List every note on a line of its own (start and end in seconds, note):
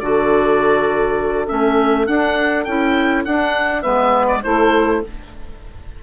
0.00 1.48 D3
0.00 1.47 F#4
0.00 3.81 A4
0.00 1.47 D5
1.47 2.08 A3
1.47 2.06 C#4
1.47 2.07 E5
2.06 2.65 D4
2.06 2.67 D4
2.06 2.65 F#5
2.65 3.26 C#4
2.65 3.26 E4
2.65 3.24 G5
3.25 3.85 D4
3.25 3.83 D4
3.25 3.82 F#5
3.81 4.45 G#3
3.81 4.42 B3
3.81 4.40 B4
3.81 4.26 E5
4.28 4.43 D5
4.43 5.03 A3
4.43 5.03 E4
4.43 5.03 A4
4.43 5.02 C5